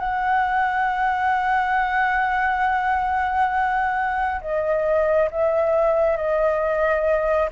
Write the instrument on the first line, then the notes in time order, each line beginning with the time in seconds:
flute
0.00 F#5
4.42 D#5
5.31 E5
6.17 D#5